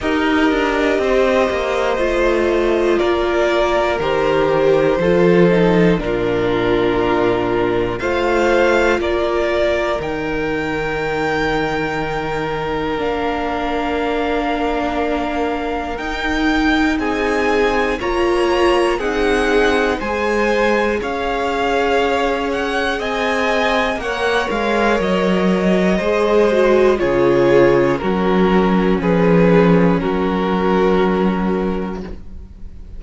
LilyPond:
<<
  \new Staff \with { instrumentName = "violin" } { \time 4/4 \tempo 4 = 60 dis''2. d''4 | c''2 ais'2 | f''4 d''4 g''2~ | g''4 f''2. |
g''4 gis''4 ais''4 fis''4 | gis''4 f''4. fis''8 gis''4 | fis''8 f''8 dis''2 cis''4 | ais'4 b'4 ais'2 | }
  \new Staff \with { instrumentName = "violin" } { \time 4/4 ais'4 c''2 ais'4~ | ais'4 a'4 f'2 | c''4 ais'2.~ | ais'1~ |
ais'4 gis'4 cis''4 gis'4 | c''4 cis''2 dis''4 | cis''2 c''4 gis'4 | fis'4 gis'4 fis'2 | }
  \new Staff \with { instrumentName = "viola" } { \time 4/4 g'2 f'2 | g'4 f'8 dis'8 d'2 | f'2 dis'2~ | dis'4 d'2. |
dis'2 f'4 dis'4 | gis'1 | ais'2 gis'8 fis'8 f'4 | cis'1 | }
  \new Staff \with { instrumentName = "cello" } { \time 4/4 dis'8 d'8 c'8 ais8 a4 ais4 | dis4 f4 ais,2 | a4 ais4 dis2~ | dis4 ais2. |
dis'4 c'4 ais4 c'4 | gis4 cis'2 c'4 | ais8 gis8 fis4 gis4 cis4 | fis4 f4 fis2 | }
>>